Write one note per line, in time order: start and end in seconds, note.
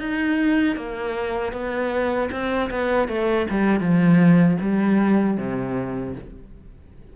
0.00 0.77 D#4
0.77 1.53 A#3
1.53 2.30 B3
2.32 2.70 C4
2.71 3.09 B3
3.09 3.47 A3
3.50 3.81 G3
3.81 4.58 F3
4.62 5.38 G3
5.38 6.15 C3